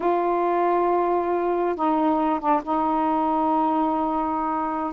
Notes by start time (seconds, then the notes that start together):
0.00 F4
1.75 D#4
2.39 D4
2.63 D#4